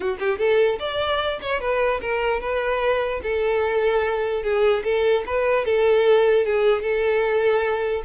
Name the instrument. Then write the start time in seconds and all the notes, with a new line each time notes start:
violin
0.00 F#4
0.19 G4
0.38 A4
0.79 D5
1.41 C#5
1.60 B4
2.01 A#4
2.40 B4
3.22 A4
4.43 G#4
4.83 A4
5.26 B4
5.65 A4
6.45 G#4
6.82 A4